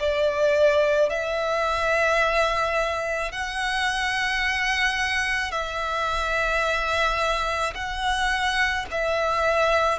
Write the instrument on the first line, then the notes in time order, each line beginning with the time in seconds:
violin
0.00 D5
1.10 E5
3.32 F#5
5.52 E5
7.75 F#5
8.91 E5